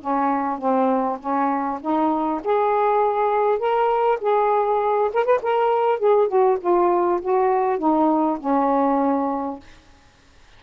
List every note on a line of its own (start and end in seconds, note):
0.00 0.58 C#4
0.58 1.18 C4
1.19 1.79 C#4
1.81 2.41 D#4
2.44 3.58 G#4
3.58 4.18 A#4
4.21 5.11 G#4
5.13 5.24 A#4
5.24 5.39 B4
5.42 5.99 A#4
5.99 6.28 G#4
6.28 6.58 F#4
6.60 7.20 F4
7.21 7.78 F#4
7.78 8.38 D#4
8.39 9.59 C#4